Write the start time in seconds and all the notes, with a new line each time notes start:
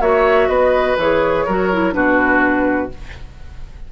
0.00 A#3 F#4 C#5 E5
0.48 B3 B4 D#5
0.97 E3 G#4 C#5
1.45 F#3 F#4 A#4
1.72 E4
1.93 B2 D4 F#4 B4